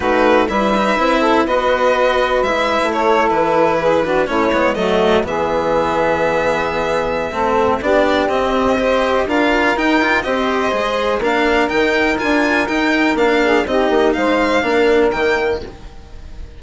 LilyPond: <<
  \new Staff \with { instrumentName = "violin" } { \time 4/4 \tempo 4 = 123 b'4 e''2 dis''4~ | dis''4 e''4 cis''8. b'4~ b'16~ | b'8. cis''4 dis''4 e''4~ e''16~ | e''1 |
d''4 dis''2 f''4 | g''4 dis''2 f''4 | g''4 gis''4 g''4 f''4 | dis''4 f''2 g''4 | }
  \new Staff \with { instrumentName = "saxophone" } { \time 4/4 fis'4 b'4. a'8 b'4~ | b'2 a'4.~ a'16 gis'16~ | gis'16 fis'8 e'4 fis'4 gis'4~ gis'16~ | gis'2. a'4 |
g'2 c''4 ais'4~ | ais'4 c''2 ais'4~ | ais'2.~ ais'8 gis'8 | g'4 c''4 ais'2 | }
  \new Staff \with { instrumentName = "cello" } { \time 4/4 dis'4 e'8 dis'8 e'4 fis'4~ | fis'4 e'2.~ | e'16 d'8 cis'8 b8 a4 b4~ b16~ | b2. c'4 |
d'4 c'4 g'4 f'4 | dis'8 f'8 g'4 gis'4 d'4 | dis'4 f'4 dis'4 d'4 | dis'2 d'4 ais4 | }
  \new Staff \with { instrumentName = "bassoon" } { \time 4/4 a4 g4 c'4 b4~ | b4 gis8. a4 e4~ e16~ | e8. a8 gis8 fis4 e4~ e16~ | e2. a4 |
b4 c'2 d'4 | dis'4 c'4 gis4 ais4 | dis4 d'4 dis'4 ais4 | c'8 ais8 gis4 ais4 dis4 | }
>>